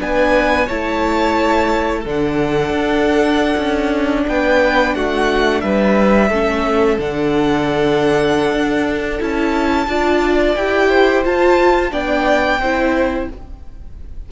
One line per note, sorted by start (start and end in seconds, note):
0.00 0.69 B3
0.00 0.68 D4
0.00 0.67 B4
0.00 0.69 G#5
0.67 2.05 A3
0.67 2.05 E4
0.67 2.01 C#5
0.67 2.06 A5
2.01 2.70 D3
2.01 6.31 D4
2.01 4.22 A4
2.10 4.28 F#5
2.70 3.55 D4
3.58 4.26 C#4
4.28 4.95 B3
4.28 4.96 B4
4.28 4.96 G5
4.95 5.63 A3
4.95 5.63 F#4
4.95 5.62 F#5
5.62 6.30 G3
5.62 6.30 B4
5.62 6.98 E5
6.30 6.98 A3
6.30 7.00 C#4
6.30 9.87 A4
6.99 8.52 D3
6.99 9.20 D4
6.99 9.22 F#5
8.52 9.20 D4
9.20 9.87 C#4
9.20 9.88 E4
9.20 10.55 A5
9.87 10.55 D4
9.87 10.57 F4
9.87 10.89 D5
10.55 11.25 E4
10.55 11.25 G4
10.55 11.24 G5
10.89 11.91 C5
11.25 11.91 F4
11.25 11.93 F4
11.25 11.93 A5
11.91 12.59 B3
11.91 12.60 D4
11.91 12.61 D5
11.91 13.29 G5
12.59 13.28 C4
12.59 13.32 E4
12.59 13.30 C5